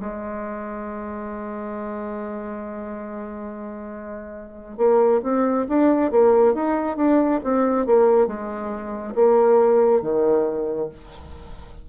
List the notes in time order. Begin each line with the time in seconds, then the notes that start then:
0.00 G#3
4.78 A#3
5.24 C4
5.69 D4
6.11 A#3
6.55 D#4
6.97 D4
7.44 C4
7.87 A#3
8.28 G#3
9.15 A#3
10.02 D#3